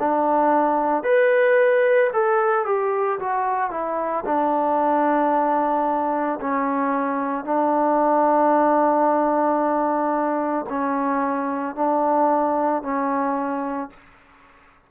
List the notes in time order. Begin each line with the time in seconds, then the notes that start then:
0.00 D4
1.04 B4
2.14 A4
2.66 G4
3.19 F#4
3.71 E4
4.26 D4
6.41 C#4
7.45 D4
10.69 C#4
11.76 D4
12.83 C#4